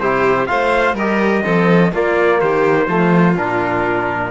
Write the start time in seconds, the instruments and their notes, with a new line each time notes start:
0.00 cello C3, trombone E4, violin G4, trumpet C5
0.47 cello A3, trombone F4, violin C5, trumpet F5
0.94 cello G3, trombone G4, violin A#4, trumpet D#5
1.45 cello F3, trombone C4, violin A4
1.93 cello A#3, trombone A#3, violin F4, trumpet D5
2.41 cello D#3, violin G4, trumpet C5
2.88 cello F3, trombone A3, violin F4
3.36 cello A#2, trombone D4, trumpet A#4